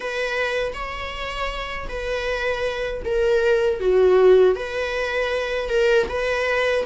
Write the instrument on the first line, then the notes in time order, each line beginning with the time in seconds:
viola
0.00 B4
0.73 C#5
1.88 B4
3.04 A#4
3.80 F#4
4.55 B4
5.69 A#4
6.09 B4